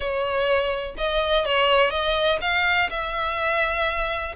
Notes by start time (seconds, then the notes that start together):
0.00 C#5
0.97 D#5
1.45 C#5
1.90 D#5
2.41 F5
2.90 E5